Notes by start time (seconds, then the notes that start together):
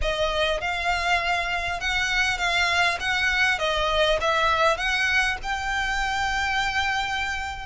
0.01 D#5
0.60 F5
1.80 F#5
2.38 F5
2.99 F#5
3.58 D#5
4.20 E5
4.77 F#5
5.42 G5